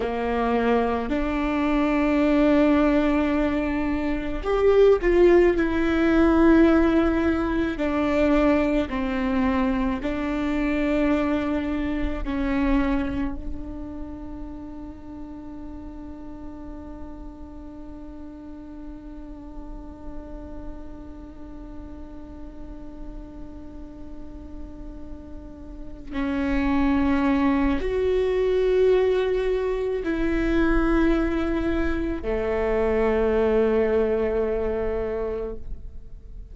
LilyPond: \new Staff \with { instrumentName = "viola" } { \time 4/4 \tempo 4 = 54 ais4 d'2. | g'8 f'8 e'2 d'4 | c'4 d'2 cis'4 | d'1~ |
d'1~ | d'2.~ d'8 cis'8~ | cis'4 fis'2 e'4~ | e'4 a2. | }